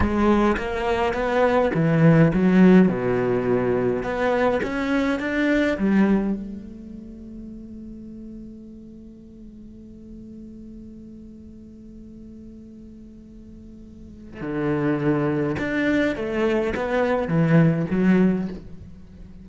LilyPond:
\new Staff \with { instrumentName = "cello" } { \time 4/4 \tempo 4 = 104 gis4 ais4 b4 e4 | fis4 b,2 b4 | cis'4 d'4 g4 a4~ | a1~ |
a1~ | a1~ | a4 d2 d'4 | a4 b4 e4 fis4 | }